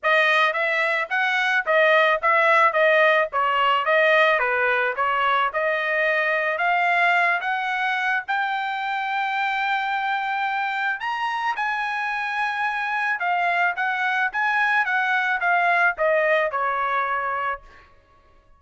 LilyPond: \new Staff \with { instrumentName = "trumpet" } { \time 4/4 \tempo 4 = 109 dis''4 e''4 fis''4 dis''4 | e''4 dis''4 cis''4 dis''4 | b'4 cis''4 dis''2 | f''4. fis''4. g''4~ |
g''1 | ais''4 gis''2. | f''4 fis''4 gis''4 fis''4 | f''4 dis''4 cis''2 | }